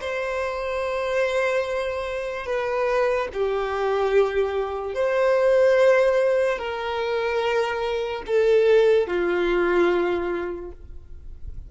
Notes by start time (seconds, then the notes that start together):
0.00 C5
2.46 B4
3.33 G4
4.94 C5
6.58 A#4
8.26 A4
9.07 F4